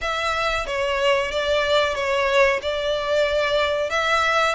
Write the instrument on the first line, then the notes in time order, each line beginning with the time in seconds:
violin
0.01 E5
0.66 C#5
1.31 D5
1.94 C#5
2.62 D5
3.90 E5